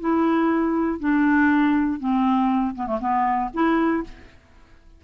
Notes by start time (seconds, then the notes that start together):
0.00 E4
1.00 D4
2.00 C4
2.75 B3
2.87 A3
3.00 B3
3.53 E4